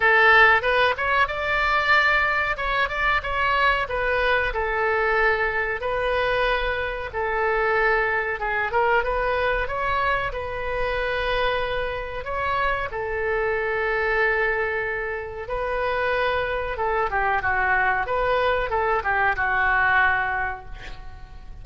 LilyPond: \new Staff \with { instrumentName = "oboe" } { \time 4/4 \tempo 4 = 93 a'4 b'8 cis''8 d''2 | cis''8 d''8 cis''4 b'4 a'4~ | a'4 b'2 a'4~ | a'4 gis'8 ais'8 b'4 cis''4 |
b'2. cis''4 | a'1 | b'2 a'8 g'8 fis'4 | b'4 a'8 g'8 fis'2 | }